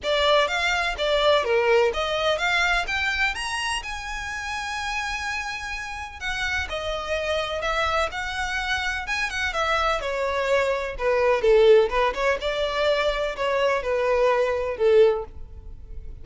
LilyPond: \new Staff \with { instrumentName = "violin" } { \time 4/4 \tempo 4 = 126 d''4 f''4 d''4 ais'4 | dis''4 f''4 g''4 ais''4 | gis''1~ | gis''4 fis''4 dis''2 |
e''4 fis''2 gis''8 fis''8 | e''4 cis''2 b'4 | a'4 b'8 cis''8 d''2 | cis''4 b'2 a'4 | }